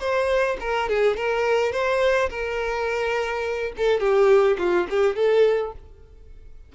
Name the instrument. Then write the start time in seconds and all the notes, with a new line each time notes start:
violin
0.00 C5
0.60 A#4
0.89 G#4
1.17 A#4
1.72 C5
2.30 A#4
3.77 A4
4.00 G4
4.58 F4
4.90 G4
5.16 A4